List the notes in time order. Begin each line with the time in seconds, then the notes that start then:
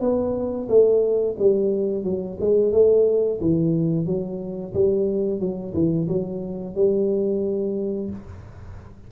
0.00 B3
0.68 A3
1.39 G3
2.04 F#3
2.40 G#3
2.72 A3
3.40 E3
4.06 F#3
4.73 G3
5.39 F#3
5.74 E3
6.07 F#3
6.75 G3